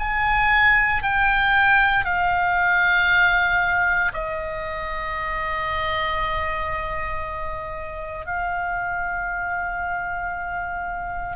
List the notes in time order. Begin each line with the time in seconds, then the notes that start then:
0.00 G#5
1.03 G5
2.05 F5
4.13 D#5
8.26 F5